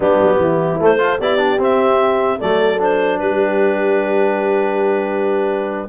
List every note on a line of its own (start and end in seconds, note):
0.00 0.20 G3
0.00 0.79 B3
0.00 0.39 D4
0.00 0.80 G4
0.21 0.38 F#3
0.38 0.78 E3
0.38 1.00 E4
0.80 1.20 A3
0.80 0.98 A3
0.80 1.20 C5
0.98 1.18 F4
0.98 1.19 A4
1.19 1.58 B3
1.19 1.37 E4
1.19 2.39 G4
1.19 1.60 D5
1.37 1.57 D4
1.58 2.38 C4
1.58 2.40 E5
2.39 3.21 F#3
2.39 2.78 A3
2.39 3.19 A4
2.39 2.80 D5
2.78 5.88 D4
2.78 3.18 C5
3.18 5.89 G3
3.18 5.89 G4
3.18 5.88 B4